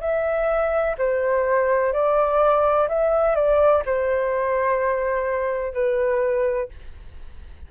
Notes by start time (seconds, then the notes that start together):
0.00 E5
0.98 C5
1.93 D5
2.88 E5
3.35 D5
3.85 C5
5.73 B4